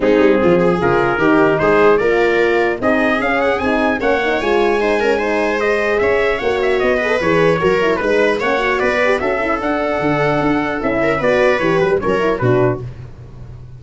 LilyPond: <<
  \new Staff \with { instrumentName = "trumpet" } { \time 4/4 \tempo 4 = 150 gis'2 ais'2 | c''4 d''2 dis''4 | f''8 fis''8 gis''4 fis''4 gis''4~ | gis''2 dis''4 e''4 |
fis''8 e''8 dis''4 cis''2 | b'4 fis''4 d''4 e''4 | fis''2. e''4 | d''4 cis''8 b'8 cis''4 b'4 | }
  \new Staff \with { instrumentName = "viola" } { \time 4/4 dis'4 f'8 gis'4. g'4 | gis'4 ais'2 gis'4~ | gis'2 cis''2 | c''8 ais'8 c''2 cis''4~ |
cis''4. b'4. ais'4 | b'4 cis''4 b'4 a'4~ | a'2.~ a'8 ais'8 | b'2 ais'4 fis'4 | }
  \new Staff \with { instrumentName = "horn" } { \time 4/4 c'2 f'4 dis'4~ | dis'4 f'2 dis'4 | cis'4 dis'4 cis'8 dis'8 f'4 | dis'8 cis'8 dis'4 gis'2 |
fis'4. gis'16 a'16 gis'4 fis'8 e'8 | dis'4 cis'8 fis'4 g'8 fis'8 e'8 | d'2. e'4 | fis'4 g'4 cis'8 e'8 d'4 | }
  \new Staff \with { instrumentName = "tuba" } { \time 4/4 gis8 g8 f4 cis4 dis4 | gis4 ais2 c'4 | cis'4 c'4 ais4 gis4~ | gis2. cis'4 |
ais4 b4 e4 fis4 | gis4 ais4 b4 cis'4 | d'4 d4 d'4 cis'4 | b4 e8 fis16 g16 fis4 b,4 | }
>>